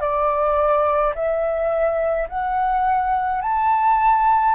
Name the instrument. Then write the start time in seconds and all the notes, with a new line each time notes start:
flute
0.00 D5
1.14 E5
2.28 F#5
3.41 A5